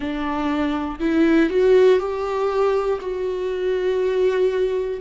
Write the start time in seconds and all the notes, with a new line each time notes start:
0.00 D4
0.99 E4
1.49 F#4
1.99 G4
3.00 F#4